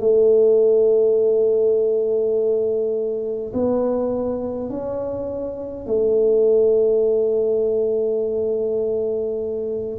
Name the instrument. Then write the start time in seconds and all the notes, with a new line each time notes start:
tuba
0.00 A3
3.54 B3
4.70 C#4
5.87 A3